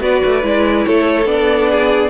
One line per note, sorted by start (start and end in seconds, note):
0.00 0.22 B3
0.00 0.42 F#4
0.00 0.87 B4
0.00 0.86 D5
0.25 0.44 A3
0.43 0.86 G#3
0.43 1.25 E4
0.86 1.25 A3
0.86 1.71 A4
0.86 1.28 C#5
1.25 2.10 B3
1.25 2.10 D4
1.25 2.10 D5
1.71 2.10 G#4